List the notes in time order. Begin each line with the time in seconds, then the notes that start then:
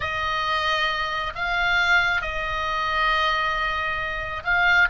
0.00 D#5
1.35 F5
2.21 D#5
4.44 F5